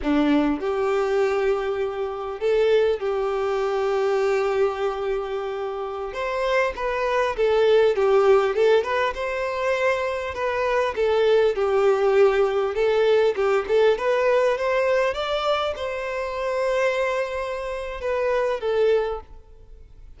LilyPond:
\new Staff \with { instrumentName = "violin" } { \time 4/4 \tempo 4 = 100 d'4 g'2. | a'4 g'2.~ | g'2~ g'16 c''4 b'8.~ | b'16 a'4 g'4 a'8 b'8 c''8.~ |
c''4~ c''16 b'4 a'4 g'8.~ | g'4~ g'16 a'4 g'8 a'8 b'8.~ | b'16 c''4 d''4 c''4.~ c''16~ | c''2 b'4 a'4 | }